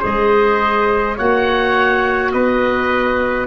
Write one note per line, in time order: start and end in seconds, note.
0.00 1.19 G#3
0.00 1.15 G#4
0.00 1.16 C5
0.00 1.19 D#5
1.17 2.34 A#3
1.17 3.47 F#4
1.17 2.32 C#5
1.17 2.32 F#5
2.32 3.47 B3
2.32 3.47 B4
2.32 3.47 D#5